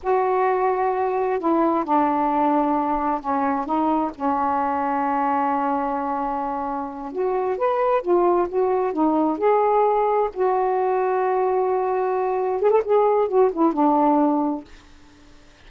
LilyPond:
\new Staff \with { instrumentName = "saxophone" } { \time 4/4 \tempo 4 = 131 fis'2. e'4 | d'2. cis'4 | dis'4 cis'2.~ | cis'2.~ cis'8 fis'8~ |
fis'8 b'4 f'4 fis'4 dis'8~ | dis'8 gis'2 fis'4.~ | fis'2.~ fis'8 gis'16 a'16 | gis'4 fis'8 e'8 d'2 | }